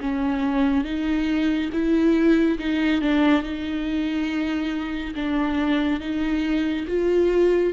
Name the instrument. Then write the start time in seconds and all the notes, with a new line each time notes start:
viola
0.00 C#4
0.84 D#4
1.72 E4
2.58 D#4
3.01 D4
3.42 D#4
5.15 D4
6.00 D#4
6.87 F4